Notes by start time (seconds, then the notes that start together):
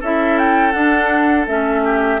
0.00 C#4 E4 A4 E5
0.38 G5
0.72 D4 F#5
1.46 A3 C#4 E5
1.83 G4